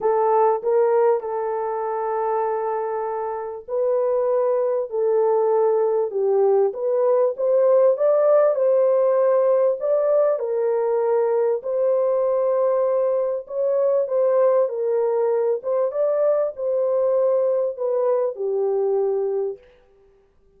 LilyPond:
\new Staff \with { instrumentName = "horn" } { \time 4/4 \tempo 4 = 98 a'4 ais'4 a'2~ | a'2 b'2 | a'2 g'4 b'4 | c''4 d''4 c''2 |
d''4 ais'2 c''4~ | c''2 cis''4 c''4 | ais'4. c''8 d''4 c''4~ | c''4 b'4 g'2 | }